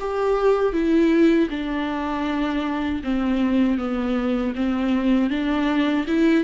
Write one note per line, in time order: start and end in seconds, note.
0.00 0.73 G4
0.73 1.49 E4
1.50 3.02 D4
3.04 3.78 C4
3.78 4.54 B3
4.55 5.30 C4
5.30 6.06 D4
6.08 6.44 E4